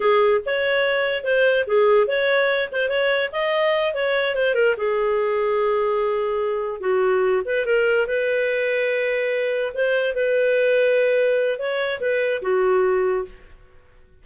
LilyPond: \new Staff \with { instrumentName = "clarinet" } { \time 4/4 \tempo 4 = 145 gis'4 cis''2 c''4 | gis'4 cis''4. c''8 cis''4 | dis''4. cis''4 c''8 ais'8 gis'8~ | gis'1~ |
gis'8 fis'4. b'8 ais'4 b'8~ | b'2.~ b'8 c''8~ | c''8 b'2.~ b'8 | cis''4 b'4 fis'2 | }